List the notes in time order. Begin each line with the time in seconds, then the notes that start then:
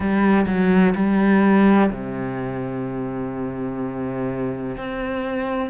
0.00 G3
0.46 F#3
0.95 G3
1.90 C3
4.77 C4